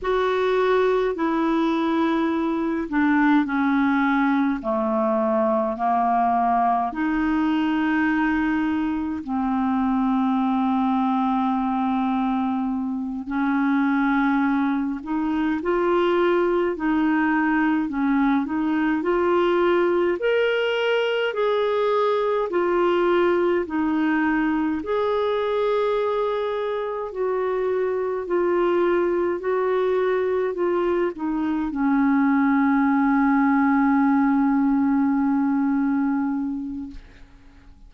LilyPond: \new Staff \with { instrumentName = "clarinet" } { \time 4/4 \tempo 4 = 52 fis'4 e'4. d'8 cis'4 | a4 ais4 dis'2 | c'2.~ c'8 cis'8~ | cis'4 dis'8 f'4 dis'4 cis'8 |
dis'8 f'4 ais'4 gis'4 f'8~ | f'8 dis'4 gis'2 fis'8~ | fis'8 f'4 fis'4 f'8 dis'8 cis'8~ | cis'1 | }